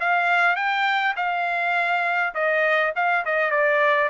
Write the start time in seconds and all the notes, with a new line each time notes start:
0.00 F5
0.56 G5
1.16 F5
2.34 D#5
2.95 F5
3.25 D#5
3.51 D5